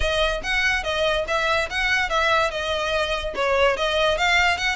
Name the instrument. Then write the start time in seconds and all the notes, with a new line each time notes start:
violin
0.00 D#5
0.43 F#5
0.83 D#5
1.27 E5
1.70 F#5
2.09 E5
2.50 D#5
3.35 C#5
3.76 D#5
4.17 F5
4.57 F#5